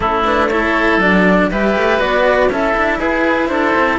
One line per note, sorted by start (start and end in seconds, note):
0.00 0.97 A3
0.00 0.25 C#4
0.00 0.49 E4
0.00 0.23 A4
0.24 0.50 D4
0.24 0.49 B4
0.49 1.01 E4
0.49 1.50 A4
0.49 0.99 C#5
0.97 1.47 F#3
0.97 1.51 D4
0.97 1.50 D5
1.51 1.76 G3
1.51 1.99 G4
1.51 2.51 B4
1.51 2.00 E5
1.76 1.99 A3
1.99 2.49 B3
1.99 2.49 F#4
1.99 2.50 D5
2.49 2.74 C#4
2.49 3.98 E4
2.49 2.98 A4
2.49 2.99 E5
2.76 2.99 D4
2.98 3.49 E4
2.98 3.48 G#4
2.98 3.47 B4
3.47 3.74 D4
3.47 3.98 A4
3.47 3.97 C5
3.75 3.98 C4